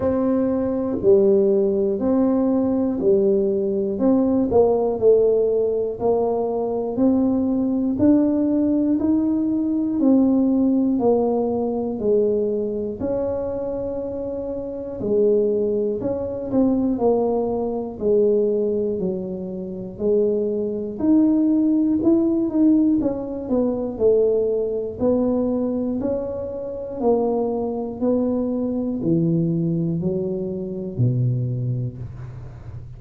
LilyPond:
\new Staff \with { instrumentName = "tuba" } { \time 4/4 \tempo 4 = 60 c'4 g4 c'4 g4 | c'8 ais8 a4 ais4 c'4 | d'4 dis'4 c'4 ais4 | gis4 cis'2 gis4 |
cis'8 c'8 ais4 gis4 fis4 | gis4 dis'4 e'8 dis'8 cis'8 b8 | a4 b4 cis'4 ais4 | b4 e4 fis4 b,4 | }